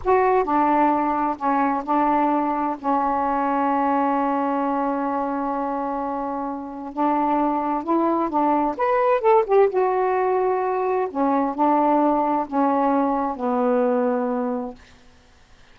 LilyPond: \new Staff \with { instrumentName = "saxophone" } { \time 4/4 \tempo 4 = 130 fis'4 d'2 cis'4 | d'2 cis'2~ | cis'1~ | cis'2. d'4~ |
d'4 e'4 d'4 b'4 | a'8 g'8 fis'2. | cis'4 d'2 cis'4~ | cis'4 b2. | }